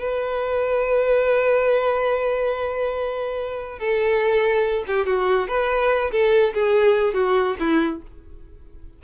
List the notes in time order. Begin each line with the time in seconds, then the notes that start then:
0.00 B4
3.79 A4
4.87 G4
5.06 F#4
5.48 B4
6.12 A4
6.54 G#4
7.14 F#4
7.60 E4